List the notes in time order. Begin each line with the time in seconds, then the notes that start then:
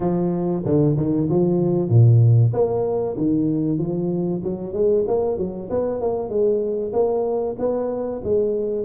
0.00 F3
0.65 D3
0.96 D#3
1.29 F3
1.89 A#2
2.53 A#3
3.17 D#3
3.78 F3
4.43 F#3
4.73 G#3
5.07 A#3
5.37 F#3
5.70 B3
6.00 A#3
6.29 G#3
6.92 A#3
7.58 B3
8.23 G#3